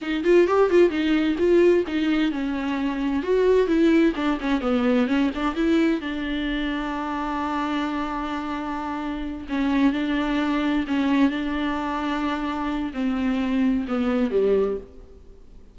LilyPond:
\new Staff \with { instrumentName = "viola" } { \time 4/4 \tempo 4 = 130 dis'8 f'8 g'8 f'8 dis'4 f'4 | dis'4 cis'2 fis'4 | e'4 d'8 cis'8 b4 cis'8 d'8 | e'4 d'2.~ |
d'1~ | d'8 cis'4 d'2 cis'8~ | cis'8 d'2.~ d'8 | c'2 b4 g4 | }